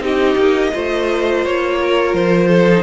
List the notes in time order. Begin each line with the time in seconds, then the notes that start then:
0.00 C4 D#4 G4 D#5
0.36 A#3
0.73 A3 F4 C5
1.45 A#3 C#5
1.81 A#4
2.14 F3 C5
2.48 A4
2.70 D#4